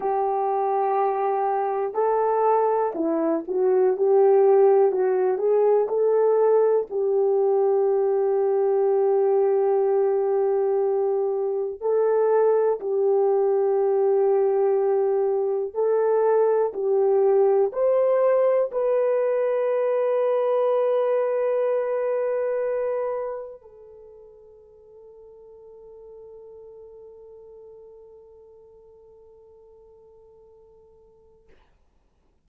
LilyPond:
\new Staff \with { instrumentName = "horn" } { \time 4/4 \tempo 4 = 61 g'2 a'4 e'8 fis'8 | g'4 fis'8 gis'8 a'4 g'4~ | g'1 | a'4 g'2. |
a'4 g'4 c''4 b'4~ | b'1 | a'1~ | a'1 | }